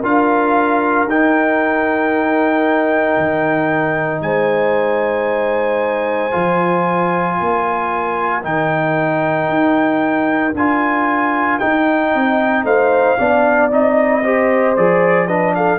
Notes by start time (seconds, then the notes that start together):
0.00 D4 F4 A#4 F5
1.05 D#4 G5
3.17 D#3
4.21 G#3 C5 G#5
6.31 F3 F4
7.39 A#3 A#4
8.42 D#3 D#4 G5
9.48 D#4
10.54 D4 F4 G#5
11.59 D#4 G5
12.14 C4 D#5
12.63 A3 C5 F5
13.18 B3 D4 D5
13.70 C4 D#4 D#5
14.23 G4 C5
14.76 F3 G#4 D5
15.27 D4 B4 D#5
15.55 A4 F5